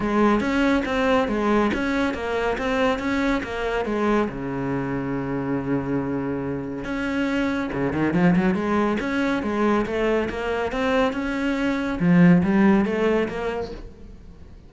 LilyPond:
\new Staff \with { instrumentName = "cello" } { \time 4/4 \tempo 4 = 140 gis4 cis'4 c'4 gis4 | cis'4 ais4 c'4 cis'4 | ais4 gis4 cis2~ | cis1 |
cis'2 cis8 dis8 f8 fis8 | gis4 cis'4 gis4 a4 | ais4 c'4 cis'2 | f4 g4 a4 ais4 | }